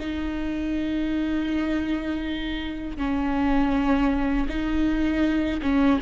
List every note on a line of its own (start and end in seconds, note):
0.00 2.98 D#4
2.98 4.48 C#4
4.49 5.61 D#4
5.62 6.00 C#4